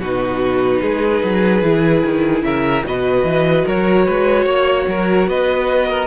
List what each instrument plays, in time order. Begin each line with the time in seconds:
0.00 cello B2, viola D#4, violin F#4 B4
0.82 cello G#3, violin G#4
1.24 cello F#3
1.63 cello E3, viola E4
2.05 cello D#3
2.43 cello C#3, violin A#4 E5
2.85 cello B2, viola F#4, violin B4 D#5
3.24 cello E3
3.66 cello F#3, violin A#4 C#5
4.06 cello G#3, violin B4
4.45 cello A#3, violin C#5
4.88 cello F#3, violin A#4
5.28 cello B3, violin B4 D#5
5.90 violin A#4